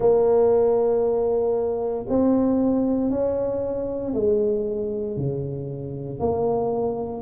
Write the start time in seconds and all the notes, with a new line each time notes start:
0.00 A#3
2.08 C4
3.10 C#4
4.13 G#3
5.16 C#3
6.19 A#3